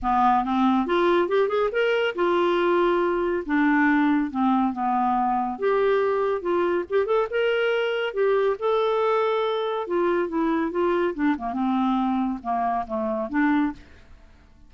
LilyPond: \new Staff \with { instrumentName = "clarinet" } { \time 4/4 \tempo 4 = 140 b4 c'4 f'4 g'8 gis'8 | ais'4 f'2. | d'2 c'4 b4~ | b4 g'2 f'4 |
g'8 a'8 ais'2 g'4 | a'2. f'4 | e'4 f'4 d'8 ais8 c'4~ | c'4 ais4 a4 d'4 | }